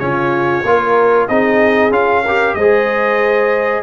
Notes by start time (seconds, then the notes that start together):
0.00 C#3 C#4 F4 C#5
0.64 A#3 F4 A#4
1.28 C4 D#4 G#4 D#5
1.91 C#4 F4 F5
2.24 G4 A#4
2.55 G#3 G#4 C5 D#5